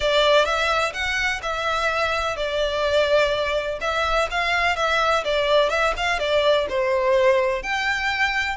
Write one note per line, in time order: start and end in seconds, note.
0.00 0.45 D5
0.45 0.92 E5
0.93 1.40 F#5
1.42 2.36 E5
2.36 3.79 D5
3.81 4.28 E5
4.30 4.76 F5
4.76 5.23 E5
5.24 5.69 D5
5.69 5.93 E5
5.97 6.19 F5
6.19 6.66 D5
6.69 7.62 C5
7.62 8.56 G5